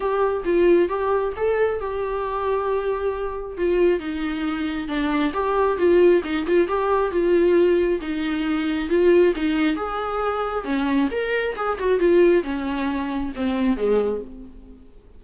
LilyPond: \new Staff \with { instrumentName = "viola" } { \time 4/4 \tempo 4 = 135 g'4 f'4 g'4 a'4 | g'1 | f'4 dis'2 d'4 | g'4 f'4 dis'8 f'8 g'4 |
f'2 dis'2 | f'4 dis'4 gis'2 | cis'4 ais'4 gis'8 fis'8 f'4 | cis'2 c'4 gis4 | }